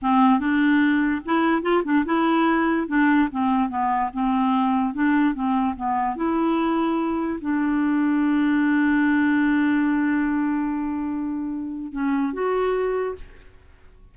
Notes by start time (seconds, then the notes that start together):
0.01 C4
0.39 D4
1.25 E4
1.62 F4
1.84 D4
2.05 E4
2.87 D4
3.31 C4
3.69 B3
4.13 C4
4.93 D4
5.34 C4
5.76 B3
6.16 E4
7.40 D4
11.92 C#4
12.33 F#4